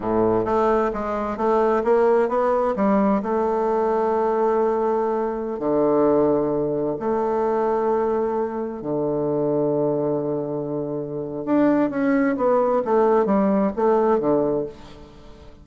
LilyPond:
\new Staff \with { instrumentName = "bassoon" } { \time 4/4 \tempo 4 = 131 a,4 a4 gis4 a4 | ais4 b4 g4 a4~ | a1~ | a16 d2. a8.~ |
a2.~ a16 d8.~ | d1~ | d4 d'4 cis'4 b4 | a4 g4 a4 d4 | }